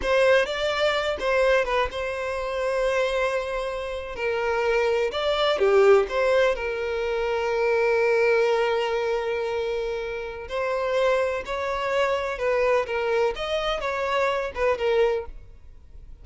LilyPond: \new Staff \with { instrumentName = "violin" } { \time 4/4 \tempo 4 = 126 c''4 d''4. c''4 b'8 | c''1~ | c''8. ais'2 d''4 g'16~ | g'8. c''4 ais'2~ ais'16~ |
ais'1~ | ais'2 c''2 | cis''2 b'4 ais'4 | dis''4 cis''4. b'8 ais'4 | }